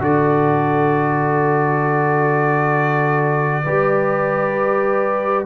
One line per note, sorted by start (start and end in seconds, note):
0.00 3.64 D3
0.00 3.64 F#4
0.00 3.64 A4
0.00 5.46 D5
3.64 5.46 G3
3.64 5.46 G4
3.64 5.46 B4